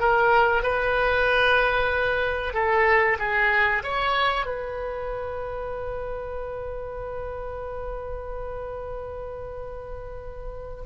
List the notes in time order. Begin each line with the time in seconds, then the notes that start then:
0.00 A#4
0.63 B4
2.54 A4
3.19 G#4
3.84 C#5
4.46 B4